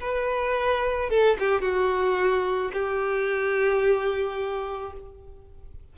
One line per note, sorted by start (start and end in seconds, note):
0.00 1.09 B4
1.09 1.37 A4
1.39 1.61 G4
1.61 2.71 F#4
2.73 4.93 G4